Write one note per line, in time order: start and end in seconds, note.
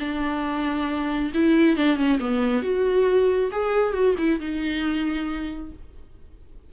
0.00 1.32 D4
1.34 1.77 E4
1.77 1.97 D4
1.97 2.19 C#4
2.20 2.63 B3
2.63 3.51 F#4
3.52 3.94 G#4
3.94 4.16 F#4
4.18 4.40 E4
4.40 5.73 D#4